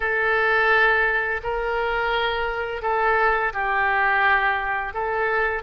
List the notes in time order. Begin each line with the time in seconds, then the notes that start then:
0.00 A4
1.43 A#4
2.82 A4
3.53 G4
4.93 A4